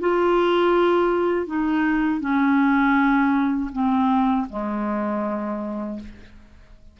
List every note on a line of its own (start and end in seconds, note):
0.00 1.47 F4
1.47 2.20 D#4
2.20 3.70 C#4
3.72 4.47 C4
4.50 6.00 G#3